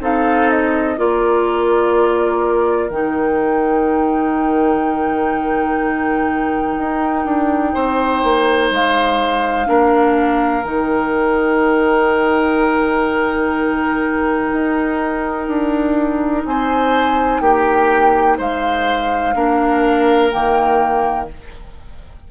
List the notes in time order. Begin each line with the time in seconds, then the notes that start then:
0.00 C4 D#4 A4 F5
0.50 D#5
0.96 A#3 F4 A#4 D5
2.89 D#3 D#4 G5
6.77 D#4
7.24 D4
7.74 C4 C5
8.23 A#3
8.71 G#3 F5
9.65 A#3 D4 A#4
10.62 D#3 D#4 G5
14.52 D#4
15.47 D4
16.44 C4 C5 G#5
17.40 A#3 G4 G5
18.37 G#3 C5 F5
19.34 A#3 D4 A#4
20.30 D#3 A#3 G5